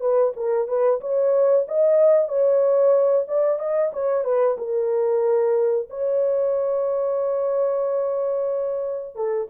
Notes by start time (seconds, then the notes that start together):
0.00 B4
0.36 A#4
0.68 B4
1.00 C#5
1.67 D#5
2.28 C#5
3.28 D5
3.59 D#5
3.93 C#5
4.24 B4
4.58 A#4
5.90 C#5
9.15 A4